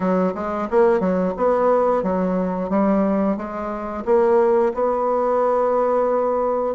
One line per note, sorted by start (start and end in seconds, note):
0.00 0.33 F#3
0.34 0.68 G#3
0.70 1.00 A#3
1.00 1.33 F#3
1.36 2.03 B3
2.03 2.69 F#3
2.69 3.36 G3
3.36 4.04 G#3
4.05 4.72 A#3
4.74 6.74 B3